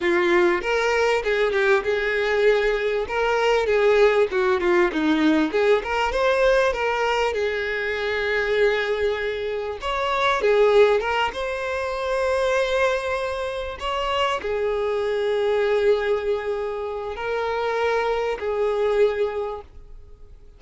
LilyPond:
\new Staff \with { instrumentName = "violin" } { \time 4/4 \tempo 4 = 98 f'4 ais'4 gis'8 g'8 gis'4~ | gis'4 ais'4 gis'4 fis'8 f'8 | dis'4 gis'8 ais'8 c''4 ais'4 | gis'1 |
cis''4 gis'4 ais'8 c''4.~ | c''2~ c''8 cis''4 gis'8~ | gis'1 | ais'2 gis'2 | }